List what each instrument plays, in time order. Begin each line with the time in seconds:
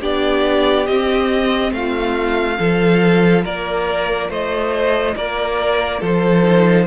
0.00 cello B3, viola D4, violin G4 D5
0.87 cello C4, viola C4, violin D#5
1.72 cello A3, violin F4 F5
2.59 cello F3, viola F4, violin A4
3.44 cello A#3, violin A#4 D5
4.29 cello A3, violin C5 D#5
5.17 cello A#3, violin A#4 D5
6.00 cello F3, violin A4 C5
6.44 viola D#4